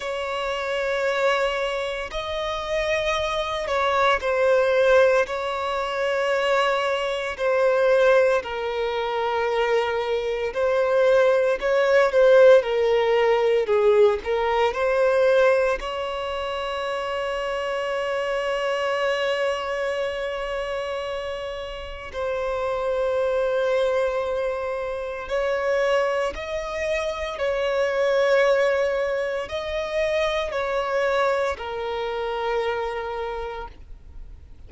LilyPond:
\new Staff \with { instrumentName = "violin" } { \time 4/4 \tempo 4 = 57 cis''2 dis''4. cis''8 | c''4 cis''2 c''4 | ais'2 c''4 cis''8 c''8 | ais'4 gis'8 ais'8 c''4 cis''4~ |
cis''1~ | cis''4 c''2. | cis''4 dis''4 cis''2 | dis''4 cis''4 ais'2 | }